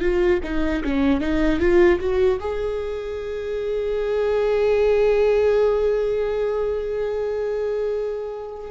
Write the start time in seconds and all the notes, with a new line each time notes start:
0.00 F4
0.43 D#4
0.83 C#4
1.20 D#4
1.60 F4
2.00 F#4
2.39 G#4